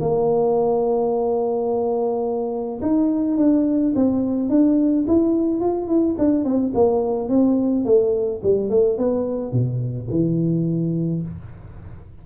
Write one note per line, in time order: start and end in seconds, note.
0.00 2.80 A#3
2.82 3.37 D#4
3.37 3.93 D4
3.95 4.49 C4
4.49 5.05 D4
5.07 5.60 E4
5.60 5.87 F4
5.87 6.15 E4
6.18 6.44 D4
6.44 6.72 C4
6.74 7.29 A#3
7.29 7.85 C4
7.85 8.41 A3
8.43 8.70 G3
8.70 8.97 A3
8.97 9.52 B3
9.52 10.08 B2
10.10 11.22 E3